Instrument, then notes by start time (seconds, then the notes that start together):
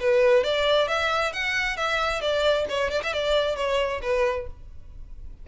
violin
0.00 B4
0.44 D5
0.88 E5
1.33 F#5
1.77 E5
2.21 D5
2.69 C#5
2.91 D5
3.03 E5
3.13 D5
3.56 C#5
4.02 B4